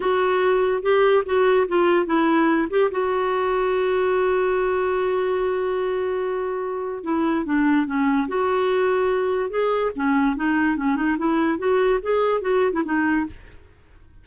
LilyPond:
\new Staff \with { instrumentName = "clarinet" } { \time 4/4 \tempo 4 = 145 fis'2 g'4 fis'4 | f'4 e'4. g'8 fis'4~ | fis'1~ | fis'1~ |
fis'4 e'4 d'4 cis'4 | fis'2. gis'4 | cis'4 dis'4 cis'8 dis'8 e'4 | fis'4 gis'4 fis'8. e'16 dis'4 | }